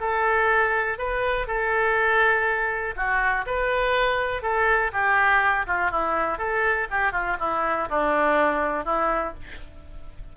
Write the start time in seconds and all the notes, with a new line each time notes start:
0.00 A4
0.98 B4
1.47 A4
2.96 F#4
3.46 B4
4.42 A4
4.92 G4
5.67 F4
5.91 E4
6.38 A4
6.91 G4
7.12 F4
7.39 E4
7.89 D4
8.85 E4